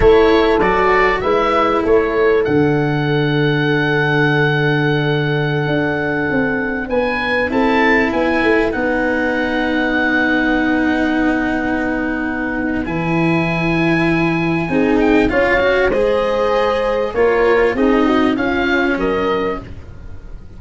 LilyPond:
<<
  \new Staff \with { instrumentName = "oboe" } { \time 4/4 \tempo 4 = 98 cis''4 d''4 e''4 cis''4 | fis''1~ | fis''2.~ fis''16 gis''8.~ | gis''16 a''4 gis''4 fis''4.~ fis''16~ |
fis''1~ | fis''4 gis''2.~ | gis''8 g''8 f''4 dis''2 | cis''4 dis''4 f''4 dis''4 | }
  \new Staff \with { instrumentName = "horn" } { \time 4/4 a'2 b'4 a'4~ | a'1~ | a'2.~ a'16 b'8.~ | b'16 a'4 b'2~ b'8.~ |
b'1~ | b'1 | gis'4 cis''4 c''2 | ais'4 gis'8 fis'8 f'4 ais'4 | }
  \new Staff \with { instrumentName = "cello" } { \time 4/4 e'4 fis'4 e'2 | d'1~ | d'1~ | d'16 e'2 dis'4.~ dis'16~ |
dis'1~ | dis'4 e'2. | dis'4 f'8 fis'8 gis'2 | f'4 dis'4 cis'2 | }
  \new Staff \with { instrumentName = "tuba" } { \time 4/4 a4 fis4 gis4 a4 | d1~ | d4~ d16 d'4 c'4 b8.~ | b16 c'4 b8 a8 b4.~ b16~ |
b1~ | b4 e2. | c'4 cis'4 gis2 | ais4 c'4 cis'4 fis4 | }
>>